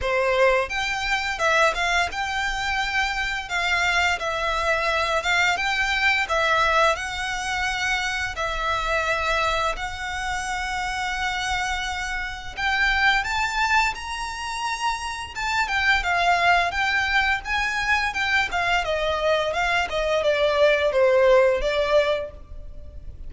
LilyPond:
\new Staff \with { instrumentName = "violin" } { \time 4/4 \tempo 4 = 86 c''4 g''4 e''8 f''8 g''4~ | g''4 f''4 e''4. f''8 | g''4 e''4 fis''2 | e''2 fis''2~ |
fis''2 g''4 a''4 | ais''2 a''8 g''8 f''4 | g''4 gis''4 g''8 f''8 dis''4 | f''8 dis''8 d''4 c''4 d''4 | }